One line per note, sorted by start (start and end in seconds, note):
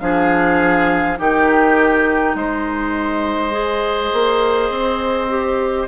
0.00 1.18 F3
0.00 1.17 D4
0.00 1.18 G#4
0.00 1.18 F5
1.17 2.35 D#3
1.17 3.51 D#4
1.17 2.36 G4
1.17 2.36 G5
2.35 4.11 G#3
2.35 5.87 C5
2.35 5.87 D#5
3.51 5.28 G#4
4.12 4.69 A#3
4.69 5.87 C4
5.29 5.87 G4